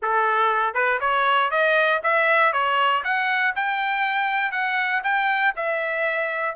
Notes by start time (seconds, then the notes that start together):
0.02 A4
0.74 B4
1.00 C#5
1.50 D#5
2.03 E5
2.52 C#5
3.04 F#5
3.55 G5
4.51 F#5
5.03 G5
5.56 E5